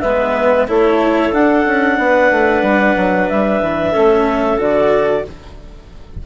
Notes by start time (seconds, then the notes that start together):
0.00 G#3 B3 B4 E5
0.67 A3 E4 A4 C#5
1.32 D4 F#5
1.66 C#4
1.98 B3 B4
2.31 A3
2.62 G3
2.96 F#3
3.29 G3 E5
3.62 E3
3.91 A3 C#4 A4
4.58 D3 F#4 D5